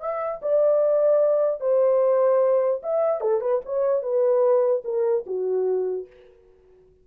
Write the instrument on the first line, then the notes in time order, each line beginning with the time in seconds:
horn
0.00 E5
0.42 D5
1.60 C5
2.83 E5
3.21 A4
3.41 B4
3.65 C#5
4.02 B4
4.84 A#4
5.26 F#4